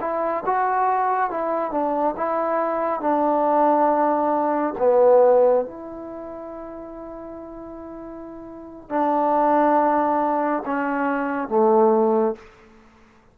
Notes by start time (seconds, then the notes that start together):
0.00 E4
0.45 F#4
1.30 E4
1.71 D4
2.17 E4
3.00 D4
4.78 B3
5.65 E4
8.89 D4
10.65 C#4
11.48 A3